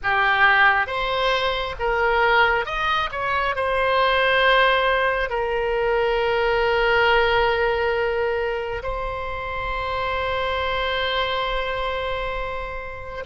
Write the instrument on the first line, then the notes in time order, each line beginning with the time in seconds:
oboe
0.03 G4
0.87 C5
1.79 A#4
2.65 D#5
3.11 C#5
3.55 C5
5.29 A#4
8.82 C5